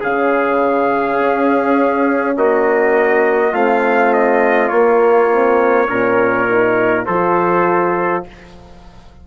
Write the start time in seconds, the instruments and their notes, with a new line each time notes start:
0.00 bassoon C#3, horn C#4, trumpet G#4 F5
1.18 bassoon C#4
2.36 bassoon A#3, trumpet F#4 D#5
3.52 bassoon A3, horn C4, trumpet F4 F5
4.13 trumpet D#5
4.68 bassoon A#3, horn A#3, trumpet C#5
5.30 horn C4
5.88 bassoon A#2, horn C#4, trumpet A#4
6.48 horn D#4
7.05 bassoon F3, horn F4, trumpet A4 C5